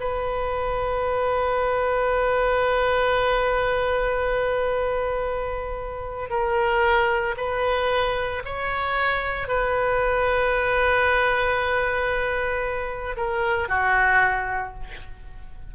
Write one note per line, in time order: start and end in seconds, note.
0.00 6.30 B4
6.30 7.35 A#4
7.37 8.43 B4
8.45 9.48 C#5
9.48 13.16 B4
13.17 13.69 A#4
13.69 14.74 F#4